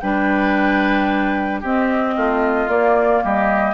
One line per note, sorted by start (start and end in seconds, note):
0.00 1.63 G3
0.00 1.63 D4
0.00 1.60 B4
0.00 1.61 G5
1.60 2.16 C4
1.60 2.68 C4
1.60 2.14 G4
1.60 2.69 D#5
2.17 2.68 A3
2.17 3.24 F4
2.68 3.22 A#3
2.68 3.74 A#3
2.68 3.23 D5
3.24 3.74 G3
3.24 3.74 G4
3.24 3.74 D#5